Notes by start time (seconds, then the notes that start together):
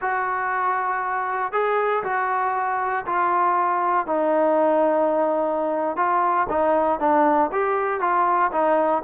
0.01 F#4
1.52 G#4
2.03 F#4
3.06 F4
4.06 D#4
5.96 F4
6.49 D#4
6.99 D4
7.51 G4
8.00 F4
8.52 D#4